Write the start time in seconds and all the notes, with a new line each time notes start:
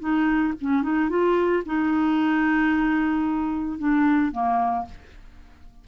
0.00 D#4
0.61 C#4
0.83 D#4
1.10 F4
1.66 D#4
3.79 D4
4.32 A#3